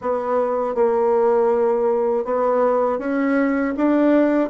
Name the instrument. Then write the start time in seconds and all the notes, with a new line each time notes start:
bassoon
0.01 B3
0.74 A#3
2.24 B3
2.99 C#4
3.76 D4